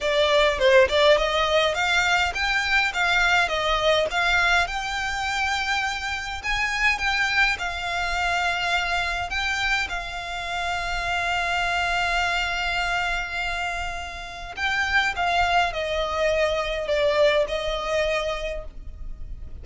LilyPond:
\new Staff \with { instrumentName = "violin" } { \time 4/4 \tempo 4 = 103 d''4 c''8 d''8 dis''4 f''4 | g''4 f''4 dis''4 f''4 | g''2. gis''4 | g''4 f''2. |
g''4 f''2.~ | f''1~ | f''4 g''4 f''4 dis''4~ | dis''4 d''4 dis''2 | }